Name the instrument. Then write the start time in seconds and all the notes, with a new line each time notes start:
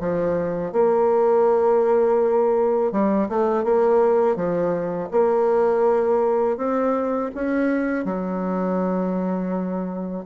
bassoon
0.00 F3
0.73 A#3
2.92 G3
3.29 A3
3.64 A#3
4.36 F3
5.12 A#3
6.58 C4
7.35 C#4
8.05 F#3